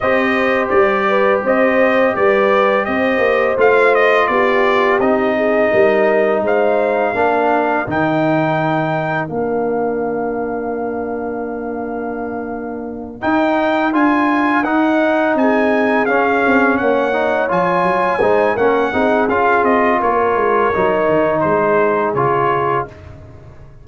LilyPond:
<<
  \new Staff \with { instrumentName = "trumpet" } { \time 4/4 \tempo 4 = 84 dis''4 d''4 dis''4 d''4 | dis''4 f''8 dis''8 d''4 dis''4~ | dis''4 f''2 g''4~ | g''4 f''2.~ |
f''2~ f''8 g''4 gis''8~ | gis''8 fis''4 gis''4 f''4 fis''8~ | fis''8 gis''4. fis''4 f''8 dis''8 | cis''2 c''4 cis''4 | }
  \new Staff \with { instrumentName = "horn" } { \time 4/4 c''4. b'8 c''4 b'4 | c''2 g'4. gis'8 | ais'4 c''4 ais'2~ | ais'1~ |
ais'1~ | ais'4. gis'2 cis''8~ | cis''4. c''8 ais'8 gis'4. | ais'2 gis'2 | }
  \new Staff \with { instrumentName = "trombone" } { \time 4/4 g'1~ | g'4 f'2 dis'4~ | dis'2 d'4 dis'4~ | dis'4 d'2.~ |
d'2~ d'8 dis'4 f'8~ | f'8 dis'2 cis'4. | dis'8 f'4 dis'8 cis'8 dis'8 f'4~ | f'4 dis'2 f'4 | }
  \new Staff \with { instrumentName = "tuba" } { \time 4/4 c'4 g4 c'4 g4 | c'8 ais8 a4 b4 c'4 | g4 gis4 ais4 dis4~ | dis4 ais2.~ |
ais2~ ais8 dis'4 d'8~ | d'8 dis'4 c'4 cis'8 c'8 ais8~ | ais8 f8 fis8 gis8 ais8 c'8 cis'8 c'8 | ais8 gis8 fis8 dis8 gis4 cis4 | }
>>